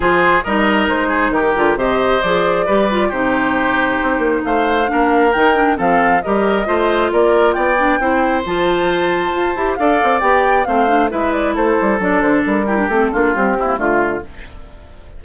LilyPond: <<
  \new Staff \with { instrumentName = "flute" } { \time 4/4 \tempo 4 = 135 c''4 dis''4 c''4 ais'4 | dis''4 d''2 c''4~ | c''2 f''2 | g''4 f''4 dis''2 |
d''4 g''2 a''4~ | a''2 f''4 g''4 | f''4 e''8 d''8 c''4 d''8 c''8 | ais'4 a'4 g'4 f'4 | }
  \new Staff \with { instrumentName = "oboe" } { \time 4/4 gis'4 ais'4. gis'8 g'4 | c''2 b'4 g'4~ | g'2 c''4 ais'4~ | ais'4 a'4 ais'4 c''4 |
ais'4 d''4 c''2~ | c''2 d''2 | c''4 b'4 a'2~ | a'8 g'4 f'4 e'8 f'4 | }
  \new Staff \with { instrumentName = "clarinet" } { \time 4/4 f'4 dis'2~ dis'8 f'8 | g'4 gis'4 g'8 f'8 dis'4~ | dis'2. d'4 | dis'8 d'8 c'4 g'4 f'4~ |
f'4. d'8 e'4 f'4~ | f'4. g'8 a'4 g'4 | c'8 d'8 e'2 d'4~ | d'8 e'16 d'16 c'8 d'8 g8 c'16 ais16 a4 | }
  \new Staff \with { instrumentName = "bassoon" } { \time 4/4 f4 g4 gis4 dis8 d8 | c4 f4 g4 c4~ | c4 c'8 ais8 a4 ais4 | dis4 f4 g4 a4 |
ais4 b4 c'4 f4~ | f4 f'8 e'8 d'8 c'8 b4 | a4 gis4 a8 g8 fis8 d8 | g4 a8 ais8 c'4 d4 | }
>>